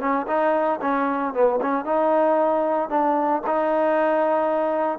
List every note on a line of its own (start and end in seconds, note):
0.00 0.26 C#4
0.27 0.80 D#4
0.81 1.34 C#4
1.34 1.60 B3
1.61 1.85 C#4
1.85 2.89 D#4
2.89 3.42 D4
3.47 4.99 D#4